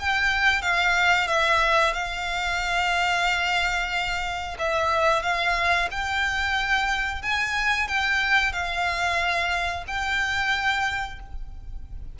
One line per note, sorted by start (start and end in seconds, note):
0.00 0.62 G5
0.62 1.28 F5
1.28 1.94 E5
1.94 4.57 F5
4.59 5.23 E5
5.23 5.89 F5
5.92 7.22 G5
7.22 7.88 G#5
7.88 8.53 G5
8.53 9.85 F5
9.88 11.20 G5